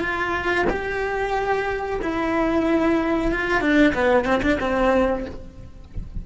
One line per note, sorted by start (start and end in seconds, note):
0.00 0.65 F4
0.70 2.00 G4
2.03 3.32 E4
3.32 3.61 F4
3.61 3.94 D4
3.94 4.26 B3
4.26 4.42 C4
4.43 4.59 D4
4.61 5.26 C4